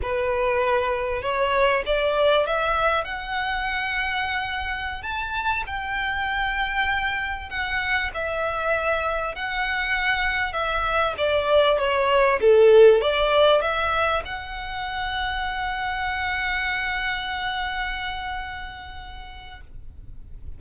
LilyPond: \new Staff \with { instrumentName = "violin" } { \time 4/4 \tempo 4 = 98 b'2 cis''4 d''4 | e''4 fis''2.~ | fis''16 a''4 g''2~ g''8.~ | g''16 fis''4 e''2 fis''8.~ |
fis''4~ fis''16 e''4 d''4 cis''8.~ | cis''16 a'4 d''4 e''4 fis''8.~ | fis''1~ | fis''1 | }